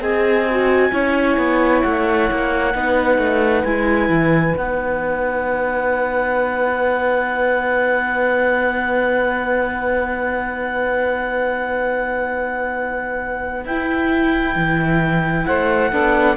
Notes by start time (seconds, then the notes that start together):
0.00 C4 G#4 D#5 G#5
0.50 F#4
0.91 C#4 E4 C#5
1.37 B3
1.82 A3 F#5
2.31 A#3
2.74 B3 D#4 B4
3.18 A3
3.64 G#3 E4 G#5
4.08 E3
4.56 B3 D#4 F#5
13.65 E4 G5
14.55 E3
15.45 A3 C5 F#5
15.90 B3 D4 A4